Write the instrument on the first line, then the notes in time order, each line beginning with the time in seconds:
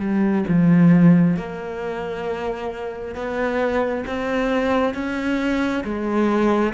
cello
0.00 G3
0.48 F3
1.37 A#3
3.15 B3
4.07 C4
4.94 C#4
5.84 G#3